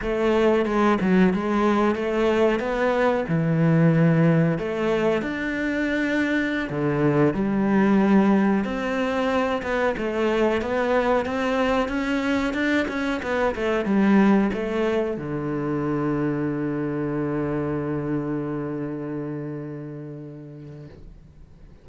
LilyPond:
\new Staff \with { instrumentName = "cello" } { \time 4/4 \tempo 4 = 92 a4 gis8 fis8 gis4 a4 | b4 e2 a4 | d'2~ d'16 d4 g8.~ | g4~ g16 c'4. b8 a8.~ |
a16 b4 c'4 cis'4 d'8 cis'16~ | cis'16 b8 a8 g4 a4 d8.~ | d1~ | d1 | }